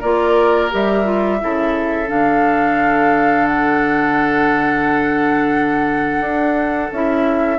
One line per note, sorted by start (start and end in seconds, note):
0.00 0.72 A#3
0.00 0.71 F4
0.00 1.38 A#4
0.00 0.71 D5
0.71 1.43 G3
0.71 1.04 G4
0.71 2.10 E5
1.04 1.39 F4
1.41 2.10 C#3
1.41 2.07 E4
1.41 7.59 A4
2.07 6.21 D3
2.07 6.90 D4
2.07 3.47 F5
3.47 6.92 F#5
6.21 6.90 D4
6.93 7.59 C#4
6.93 7.59 E4
6.93 7.59 E5